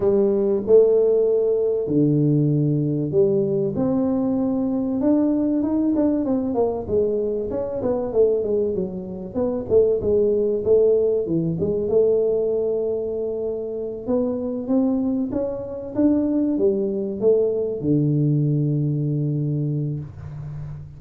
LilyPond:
\new Staff \with { instrumentName = "tuba" } { \time 4/4 \tempo 4 = 96 g4 a2 d4~ | d4 g4 c'2 | d'4 dis'8 d'8 c'8 ais8 gis4 | cis'8 b8 a8 gis8 fis4 b8 a8 |
gis4 a4 e8 gis8 a4~ | a2~ a8 b4 c'8~ | c'8 cis'4 d'4 g4 a8~ | a8 d2.~ d8 | }